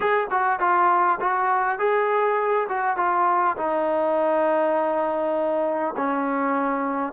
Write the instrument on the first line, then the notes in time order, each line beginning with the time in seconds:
trombone
0.00 G#4
0.30 F#4
0.59 F4
1.20 F#4
1.78 G#4
2.69 F#4
2.96 F4
3.57 D#4
5.96 C#4